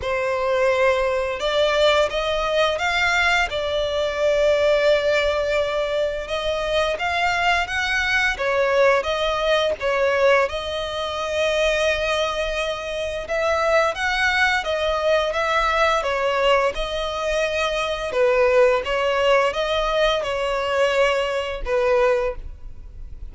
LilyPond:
\new Staff \with { instrumentName = "violin" } { \time 4/4 \tempo 4 = 86 c''2 d''4 dis''4 | f''4 d''2.~ | d''4 dis''4 f''4 fis''4 | cis''4 dis''4 cis''4 dis''4~ |
dis''2. e''4 | fis''4 dis''4 e''4 cis''4 | dis''2 b'4 cis''4 | dis''4 cis''2 b'4 | }